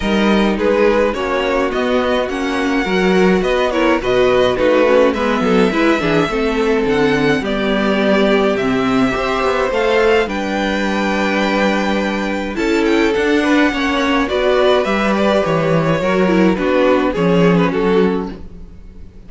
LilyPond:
<<
  \new Staff \with { instrumentName = "violin" } { \time 4/4 \tempo 4 = 105 dis''4 b'4 cis''4 dis''4 | fis''2 dis''8 cis''8 dis''4 | b'4 e''2. | fis''4 d''2 e''4~ |
e''4 f''4 g''2~ | g''2 a''8 g''8 fis''4~ | fis''4 d''4 e''8 d''8 cis''4~ | cis''4 b'4 cis''8. b'16 a'4 | }
  \new Staff \with { instrumentName = "violin" } { \time 4/4 ais'4 gis'4 fis'2~ | fis'4 ais'4 b'8 ais'8 b'4 | fis'4 b'8 a'8 b'8 gis'8 a'4~ | a'4 g'2. |
c''2 b'2~ | b'2 a'4. b'8 | cis''4 b'2. | ais'4 fis'4 gis'4 fis'4 | }
  \new Staff \with { instrumentName = "viola" } { \time 4/4 dis'2 cis'4 b4 | cis'4 fis'4. e'8 fis'4 | dis'8 cis'8 b4 e'8 d'8 c'4~ | c'4 b2 c'4 |
g'4 a'4 d'2~ | d'2 e'4 d'4 | cis'4 fis'4 g'2 | fis'8 e'8 d'4 cis'2 | }
  \new Staff \with { instrumentName = "cello" } { \time 4/4 g4 gis4 ais4 b4 | ais4 fis4 b4 b,4 | a4 gis8 fis8 gis8 e8 a4 | d4 g2 c4 |
c'8 b8 a4 g2~ | g2 cis'4 d'4 | ais4 b4 g4 e4 | fis4 b4 f4 fis4 | }
>>